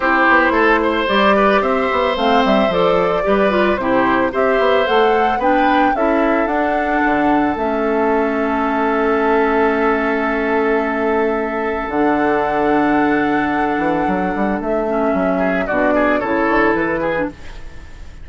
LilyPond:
<<
  \new Staff \with { instrumentName = "flute" } { \time 4/4 \tempo 4 = 111 c''2 d''4 e''4 | f''8 e''8 d''2 c''4 | e''4 fis''4 g''4 e''4 | fis''2 e''2~ |
e''1~ | e''2 fis''2~ | fis''2. e''4~ | e''4 d''4 cis''4 b'4 | }
  \new Staff \with { instrumentName = "oboe" } { \time 4/4 g'4 a'8 c''4 b'8 c''4~ | c''2 b'4 g'4 | c''2 b'4 a'4~ | a'1~ |
a'1~ | a'1~ | a'1~ | a'8 gis'8 fis'8 gis'8 a'4. gis'8 | }
  \new Staff \with { instrumentName = "clarinet" } { \time 4/4 e'2 g'2 | c'4 a'4 g'8 f'8 e'4 | g'4 a'4 d'4 e'4 | d'2 cis'2~ |
cis'1~ | cis'2 d'2~ | d'2.~ d'8 cis'8~ | cis'4 d'4 e'4.~ e'16 d'16 | }
  \new Staff \with { instrumentName = "bassoon" } { \time 4/4 c'8 b8 a4 g4 c'8 b8 | a8 g8 f4 g4 c4 | c'8 b8 a4 b4 cis'4 | d'4 d4 a2~ |
a1~ | a2 d2~ | d4. e8 fis8 g8 a4 | fis4 b,4 cis8 d8 e4 | }
>>